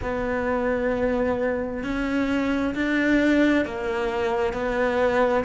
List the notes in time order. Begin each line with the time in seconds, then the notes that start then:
0.02 B3
1.83 C#4
2.74 D4
3.65 A#3
4.52 B3